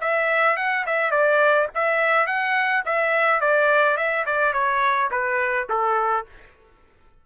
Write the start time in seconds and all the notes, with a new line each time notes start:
0.00 E5
0.56 F#5
0.86 E5
1.11 D5
1.74 E5
2.26 F#5
2.85 E5
3.40 D5
3.96 E5
4.26 D5
4.53 C#5
5.11 B4
5.69 A4